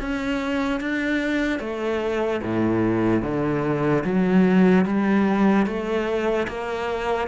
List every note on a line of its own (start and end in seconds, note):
0.00 0.80 C#4
0.80 1.60 D4
1.60 2.41 A3
2.43 3.22 A2
3.22 4.04 D3
4.04 4.85 F#3
4.85 5.66 G3
5.66 6.47 A3
6.48 7.28 A#3